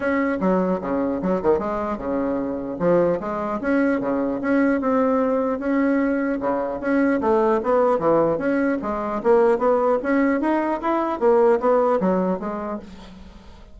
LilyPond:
\new Staff \with { instrumentName = "bassoon" } { \time 4/4 \tempo 4 = 150 cis'4 fis4 cis4 fis8 dis8 | gis4 cis2 f4 | gis4 cis'4 cis4 cis'4 | c'2 cis'2 |
cis4 cis'4 a4 b4 | e4 cis'4 gis4 ais4 | b4 cis'4 dis'4 e'4 | ais4 b4 fis4 gis4 | }